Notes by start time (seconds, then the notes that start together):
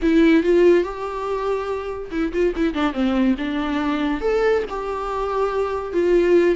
0.01 E4
0.43 F4
0.83 G4
2.11 E4
2.32 F4
2.55 E4
2.74 D4
2.93 C4
3.37 D4
4.20 A4
4.69 G4
5.93 F4